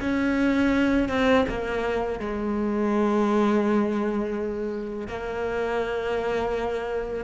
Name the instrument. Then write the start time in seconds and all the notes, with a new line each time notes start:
cello
0.00 C#4
1.08 C4
1.48 A#3
2.19 G#3
5.07 A#3